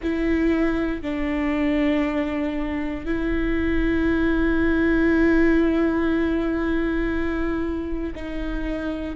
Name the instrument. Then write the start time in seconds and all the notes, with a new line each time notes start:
viola
0.02 E4
1.02 D4
3.05 E4
8.15 D#4